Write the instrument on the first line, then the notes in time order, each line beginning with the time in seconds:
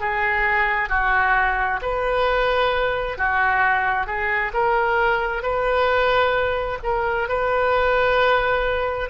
oboe
0.00 G#4
0.89 F#4
1.82 B4
3.18 F#4
4.06 G#4
4.53 A#4
5.42 B4
6.83 A#4
7.29 B4